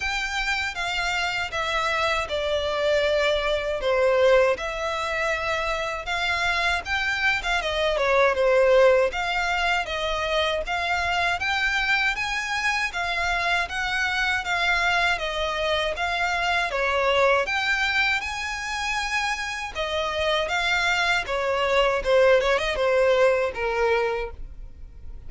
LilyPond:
\new Staff \with { instrumentName = "violin" } { \time 4/4 \tempo 4 = 79 g''4 f''4 e''4 d''4~ | d''4 c''4 e''2 | f''4 g''8. f''16 dis''8 cis''8 c''4 | f''4 dis''4 f''4 g''4 |
gis''4 f''4 fis''4 f''4 | dis''4 f''4 cis''4 g''4 | gis''2 dis''4 f''4 | cis''4 c''8 cis''16 dis''16 c''4 ais'4 | }